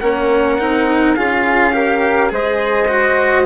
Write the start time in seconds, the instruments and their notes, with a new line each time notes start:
0.00 bassoon A#3, cello C#4, flute A#4, trumpet F#5
0.59 bassoon C4, cello D#4
1.15 bassoon C#4, cello F4, flute G#4, trumpet F5
1.73 cello G4, flute A#4
2.29 bassoon G#3, cello G#4, flute C5, trumpet D#5
2.88 cello F#4